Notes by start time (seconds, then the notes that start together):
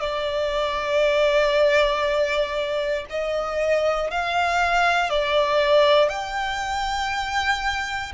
0.00 D5
3.09 D#5
4.10 F5
5.10 D5
6.09 G5